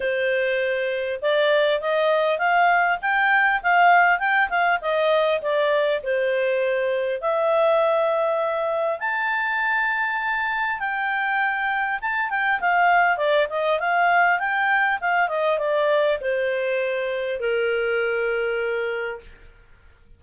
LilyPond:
\new Staff \with { instrumentName = "clarinet" } { \time 4/4 \tempo 4 = 100 c''2 d''4 dis''4 | f''4 g''4 f''4 g''8 f''8 | dis''4 d''4 c''2 | e''2. a''4~ |
a''2 g''2 | a''8 g''8 f''4 d''8 dis''8 f''4 | g''4 f''8 dis''8 d''4 c''4~ | c''4 ais'2. | }